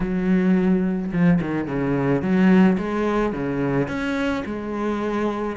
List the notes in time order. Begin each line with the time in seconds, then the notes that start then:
0.00 F#3
1.12 F3
1.41 D#3
1.67 C#3
2.21 F#3
2.78 G#3
3.32 C#3
3.87 C#4
4.45 G#3